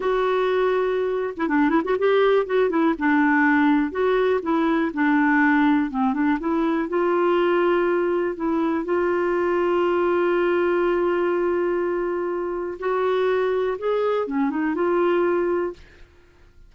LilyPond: \new Staff \with { instrumentName = "clarinet" } { \time 4/4 \tempo 4 = 122 fis'2~ fis'8. e'16 d'8 e'16 fis'16 | g'4 fis'8 e'8 d'2 | fis'4 e'4 d'2 | c'8 d'8 e'4 f'2~ |
f'4 e'4 f'2~ | f'1~ | f'2 fis'2 | gis'4 cis'8 dis'8 f'2 | }